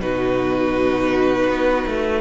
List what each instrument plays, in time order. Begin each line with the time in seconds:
0.00 cello B2, viola D#4, violin F#4 B4
1.48 cello B3
1.87 cello A3